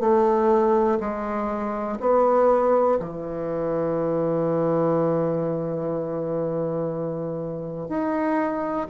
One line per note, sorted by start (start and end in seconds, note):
0.00 0.98 A3
1.00 1.98 G#3
2.00 2.98 B3
2.99 7.89 E3
7.89 8.87 D#4